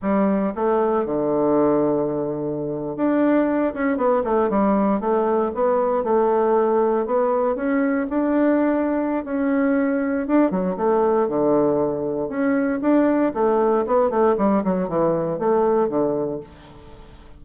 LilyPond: \new Staff \with { instrumentName = "bassoon" } { \time 4/4 \tempo 4 = 117 g4 a4 d2~ | d4.~ d16 d'4. cis'8 b16~ | b16 a8 g4 a4 b4 a16~ | a4.~ a16 b4 cis'4 d'16~ |
d'2 cis'2 | d'8 fis8 a4 d2 | cis'4 d'4 a4 b8 a8 | g8 fis8 e4 a4 d4 | }